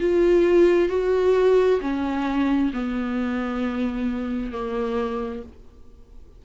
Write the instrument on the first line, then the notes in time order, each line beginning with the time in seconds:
viola
0.00 F4
0.89 F#4
1.81 C#4
2.73 B3
4.52 A#3